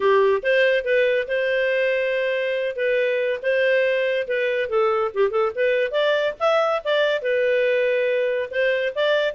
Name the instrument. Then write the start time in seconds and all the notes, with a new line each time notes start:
clarinet
0.00 G4
0.42 C5
0.84 B4
1.27 C5
2.76 B4
3.42 C5
4.27 B4
4.69 A4
5.14 G4
5.30 A4
5.55 B4
5.91 D5
6.39 E5
6.84 D5
7.21 B4
8.50 C5
8.95 D5